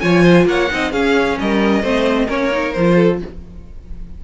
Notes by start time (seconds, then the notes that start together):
0.00 F3 F4 C#5 G#5
0.23 C5
0.46 A#3 C#5 F#5
0.70 C4 D#4 D#5
0.91 C#4 G#4 F5
1.39 G3 A#4 D#5
1.82 A3 C4 C5
2.26 A#3 C#4 A#4 C#5
2.51 D#4
2.73 F3 C5
2.79 F4
2.96 A4